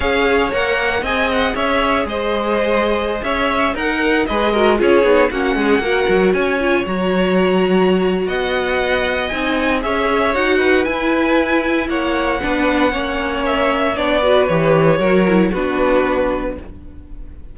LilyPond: <<
  \new Staff \with { instrumentName = "violin" } { \time 4/4 \tempo 4 = 116 f''4 fis''4 gis''8 fis''8 e''4 | dis''2~ dis''16 e''4 fis''8.~ | fis''16 dis''4 cis''4 fis''4.~ fis''16~ | fis''16 gis''4 ais''2~ ais''8. |
fis''2 gis''4 e''4 | fis''4 gis''2 fis''4~ | fis''2 e''4 d''4 | cis''2 b'2 | }
  \new Staff \with { instrumentName = "violin" } { \time 4/4 cis''2 dis''4 cis''4 | c''2~ c''16 cis''4 ais'8.~ | ais'16 b'8 ais'8 gis'4 fis'8 gis'8 ais'8.~ | ais'16 cis''2.~ cis''8. |
dis''2. cis''4~ | cis''8 b'2~ b'8 cis''4 | b'4 cis''2~ cis''8 b'8~ | b'4 ais'4 fis'2 | }
  \new Staff \with { instrumentName = "viola" } { \time 4/4 gis'4 ais'4 gis'2~ | gis'2.~ gis'16 ais'8.~ | ais'16 gis'8 fis'8 f'8 dis'8 cis'4 fis'8.~ | fis'8. f'8 fis'2~ fis'8.~ |
fis'2 dis'4 gis'4 | fis'4 e'2. | d'4 cis'2 d'8 fis'8 | g'4 fis'8 e'8 d'2 | }
  \new Staff \with { instrumentName = "cello" } { \time 4/4 cis'4 ais4 c'4 cis'4 | gis2~ gis16 cis'4 dis'8.~ | dis'16 gis4 cis'8 b8 ais8 gis8 ais8 fis16~ | fis16 cis'4 fis2~ fis8. |
b2 c'4 cis'4 | dis'4 e'2 ais4 | b4 ais2 b4 | e4 fis4 b2 | }
>>